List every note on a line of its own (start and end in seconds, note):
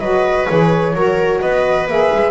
0.00 0.47 F#3
0.00 0.49 F#4
0.00 0.94 B4
0.00 0.47 D#5
0.48 0.94 E3
0.48 0.94 G#4
0.48 1.41 C#5
0.94 1.41 F#3
0.94 1.87 F#4
0.94 1.42 A#4
1.41 1.87 B3
1.41 2.31 B4
1.41 1.87 D#5
1.87 2.10 A#3
1.87 2.31 G#4
1.87 2.31 E5
2.14 2.31 G#3